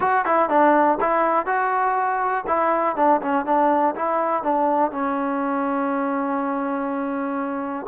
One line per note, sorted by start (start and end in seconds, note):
0.00 0.25 F#4
0.25 0.49 E4
0.49 0.98 D4
1.00 1.46 E4
1.46 2.44 F#4
2.47 2.96 E4
2.96 3.20 D4
3.21 3.45 C#4
3.45 3.94 D4
3.95 4.43 E4
4.43 4.91 D4
4.91 7.86 C#4